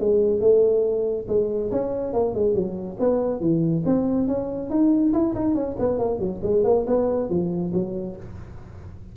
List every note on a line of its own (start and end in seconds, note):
0.00 0.41 G#3
0.41 1.27 A3
1.29 1.71 G#3
1.71 2.14 C#4
2.14 2.35 A#3
2.35 2.55 G#3
2.55 2.98 F#3
3.00 3.41 B3
3.41 3.84 E3
3.86 4.28 C4
4.28 4.70 C#4
4.70 5.13 D#4
5.14 5.35 E4
5.35 5.55 D#4
5.55 5.77 C#4
5.80 5.99 B3
5.99 6.20 A#3
6.20 6.41 F#3
6.43 6.64 G#3
6.65 6.86 A#3
6.87 7.30 B3
7.30 7.73 F3
7.74 8.17 F#3